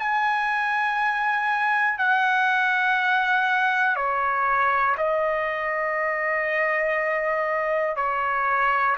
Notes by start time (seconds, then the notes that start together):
0.00 G#5
1.98 F#5
3.96 C#5
4.98 D#5
7.96 C#5